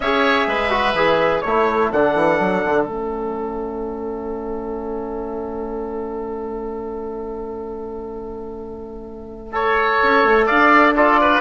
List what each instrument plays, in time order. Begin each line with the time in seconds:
0.00 bassoon C#4, trombone G#4, oboe C#5, trumpet E5
0.46 bassoon G#3, oboe B4
0.69 trombone F#4
0.94 bassoon E3, trombone G#4
1.41 bassoon A3, trombone E4, oboe A4, trumpet C#5
1.92 bassoon D3, trombone D4, trumpet F#5
2.15 bassoon E3
2.39 bassoon F#3
2.65 bassoon D3
2.84 bassoon A3, trombone C#4, trumpet E5
9.52 trombone A4, oboe C#5
10.02 bassoon C#4
10.23 bassoon A3
10.46 bassoon D4, oboe D5, trumpet F5
10.96 trombone F4, oboe A4, trumpet D5
11.21 oboe B4